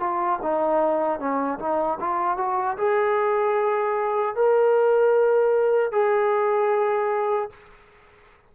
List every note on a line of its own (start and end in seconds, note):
0.00 0.39 F4
0.42 1.19 D#4
1.19 1.59 C#4
1.59 1.99 D#4
2.00 2.38 F4
2.38 2.77 F#4
2.77 4.35 G#4
4.35 5.92 A#4
5.92 7.50 G#4